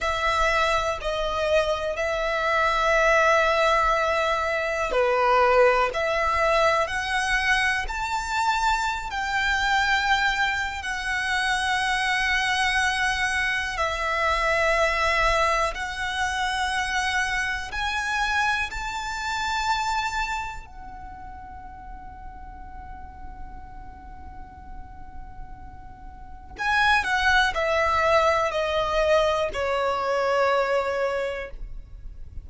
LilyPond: \new Staff \with { instrumentName = "violin" } { \time 4/4 \tempo 4 = 61 e''4 dis''4 e''2~ | e''4 b'4 e''4 fis''4 | a''4~ a''16 g''4.~ g''16 fis''4~ | fis''2 e''2 |
fis''2 gis''4 a''4~ | a''4 fis''2.~ | fis''2. gis''8 fis''8 | e''4 dis''4 cis''2 | }